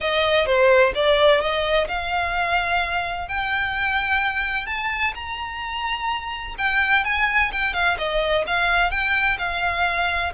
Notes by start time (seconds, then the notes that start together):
0.00 D#5
0.46 C5
0.94 D5
1.40 D#5
1.88 F5
3.28 G5
4.66 A5
5.14 A#5
6.58 G5
7.04 G#5
7.51 G5
7.73 F5
7.98 D#5
8.47 F5
8.90 G5
9.38 F5